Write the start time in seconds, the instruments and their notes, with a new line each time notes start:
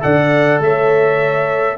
0.00 tuba D3, trombone A4, horn D5, trumpet F#5
0.59 tuba A3, horn C#5, trumpet E5